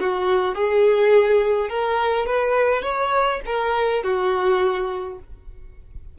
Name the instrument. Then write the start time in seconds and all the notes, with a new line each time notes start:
violin
0.00 F#4
0.55 G#4
1.69 A#4
2.27 B4
2.83 C#5
3.46 A#4
4.03 F#4